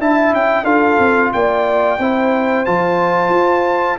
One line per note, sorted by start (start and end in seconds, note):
0.00 0.33 D4
0.00 0.65 E4
0.00 0.64 E5
0.00 0.34 A5
0.33 0.64 C#4
0.33 0.65 G5
0.64 0.98 D4
0.64 1.98 F4
0.64 1.31 A4
0.64 1.32 F5
0.99 1.32 C4
1.33 1.99 A#3
1.33 2.00 D5
1.33 2.65 G5
1.99 2.66 C4
1.99 2.66 E4
1.99 3.99 C5
2.65 3.30 F3
2.65 3.99 F4
2.65 3.99 A5
3.30 3.96 F4